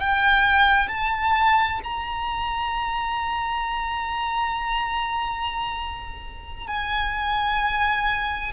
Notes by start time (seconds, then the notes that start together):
0.00 G5
0.88 A5
1.83 A#5
6.67 G#5